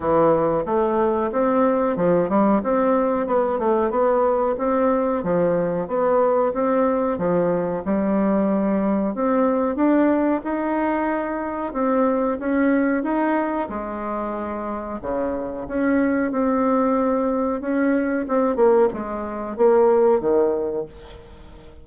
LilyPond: \new Staff \with { instrumentName = "bassoon" } { \time 4/4 \tempo 4 = 92 e4 a4 c'4 f8 g8 | c'4 b8 a8 b4 c'4 | f4 b4 c'4 f4 | g2 c'4 d'4 |
dis'2 c'4 cis'4 | dis'4 gis2 cis4 | cis'4 c'2 cis'4 | c'8 ais8 gis4 ais4 dis4 | }